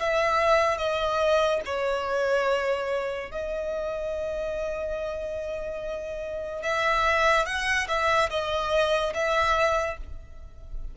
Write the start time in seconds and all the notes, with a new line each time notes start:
0.00 E5
0.78 D#5
1.66 C#5
3.31 D#5
6.63 E5
7.46 F#5
7.88 E5
8.30 D#5
9.14 E5